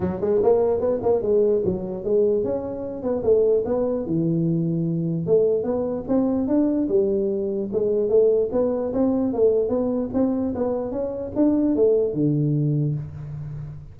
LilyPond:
\new Staff \with { instrumentName = "tuba" } { \time 4/4 \tempo 4 = 148 fis8 gis8 ais4 b8 ais8 gis4 | fis4 gis4 cis'4. b8 | a4 b4 e2~ | e4 a4 b4 c'4 |
d'4 g2 gis4 | a4 b4 c'4 a4 | b4 c'4 b4 cis'4 | d'4 a4 d2 | }